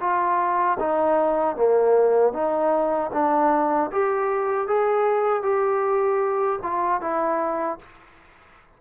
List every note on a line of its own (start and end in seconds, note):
0.00 0.78 F4
0.79 1.56 D#4
1.56 2.33 A#3
2.33 3.11 D#4
3.13 3.91 D4
3.92 4.67 G4
4.67 5.43 G#4
5.43 6.60 G4
6.63 7.01 F4
7.01 7.79 E4